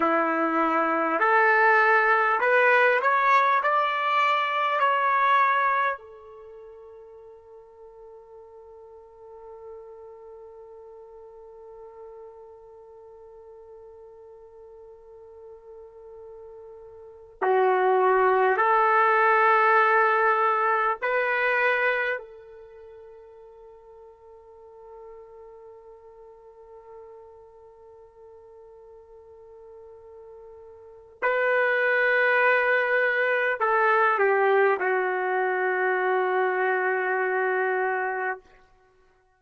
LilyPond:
\new Staff \with { instrumentName = "trumpet" } { \time 4/4 \tempo 4 = 50 e'4 a'4 b'8 cis''8 d''4 | cis''4 a'2.~ | a'1~ | a'2~ a'8 fis'4 a'8~ |
a'4. b'4 a'4.~ | a'1~ | a'2 b'2 | a'8 g'8 fis'2. | }